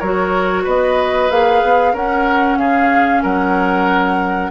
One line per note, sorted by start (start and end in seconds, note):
0.00 0.67 F#3
0.00 1.30 F#4
0.00 0.64 A#4
0.00 0.65 C#5
0.64 1.31 B3
0.64 1.93 B4
0.64 1.31 D#5
1.30 1.63 A#3
1.30 1.95 G#4
1.30 1.96 F5
1.63 1.94 B3
1.94 2.58 C#4
1.94 4.51 C#4
1.94 2.58 A#4
1.94 2.58 F#5
2.58 3.23 C#3
2.58 3.23 G#4
2.58 3.23 F5
3.23 4.51 F#3
3.23 4.51 A#4
3.23 4.51 F#5